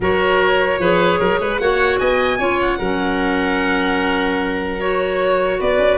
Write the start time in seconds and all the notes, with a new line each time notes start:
0.00 F#3 F#4 A#4 C#5
0.79 F3 G#4 B4
1.19 F#3 A#4
1.40 G#3 B4
1.58 A#3 F#4 C#5 F#5
1.98 B3 D#5 G#5
2.38 C#4 F4 C#5
2.61 F#5
2.78 F#3 C#4 A#4
4.80 F#4 C#5
5.59 B3 B4 D5
5.78 C#4